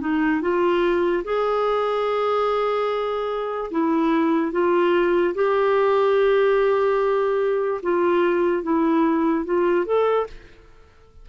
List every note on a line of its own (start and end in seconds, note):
0.00 0.41 D#4
0.41 1.23 F4
1.24 3.71 G#4
3.71 4.52 E4
4.52 5.34 F4
5.34 7.81 G4
7.82 8.63 F4
8.63 9.45 E4
9.45 9.86 F4
9.86 10.27 A4